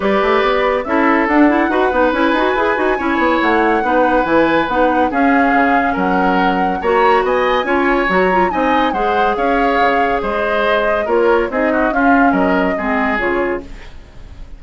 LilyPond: <<
  \new Staff \with { instrumentName = "flute" } { \time 4/4 \tempo 4 = 141 d''2 e''4 fis''4~ | fis''4 gis''2. | fis''2 gis''4 fis''4 | f''2 fis''2 |
ais''4 gis''2 ais''4 | gis''4 fis''4 f''2 | dis''2 cis''4 dis''4 | f''4 dis''2 cis''4 | }
  \new Staff \with { instrumentName = "oboe" } { \time 4/4 b'2 a'2 | b'2. cis''4~ | cis''4 b'2. | gis'2 ais'2 |
cis''4 dis''4 cis''2 | dis''4 c''4 cis''2 | c''2 ais'4 gis'8 fis'8 | f'4 ais'4 gis'2 | }
  \new Staff \with { instrumentName = "clarinet" } { \time 4/4 g'2 e'4 d'8 e'8 | fis'8 dis'8 e'8 fis'8 gis'8 fis'8 e'4~ | e'4 dis'4 e'4 dis'4 | cis'1 |
fis'2 f'4 fis'8 f'8 | dis'4 gis'2.~ | gis'2 f'4 dis'4 | cis'2 c'4 f'4 | }
  \new Staff \with { instrumentName = "bassoon" } { \time 4/4 g8 a8 b4 cis'4 d'4 | dis'8 b8 cis'8 dis'8 e'8 dis'8 cis'8 b8 | a4 b4 e4 b4 | cis'4 cis4 fis2 |
ais4 b4 cis'4 fis4 | c'4 gis4 cis'4 cis4 | gis2 ais4 c'4 | cis'4 fis4 gis4 cis4 | }
>>